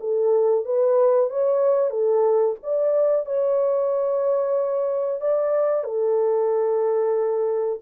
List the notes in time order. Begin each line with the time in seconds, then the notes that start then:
0.00 A4
0.65 B4
1.30 C#5
1.90 A4
2.63 D5
3.26 C#5
5.21 D5
5.84 A4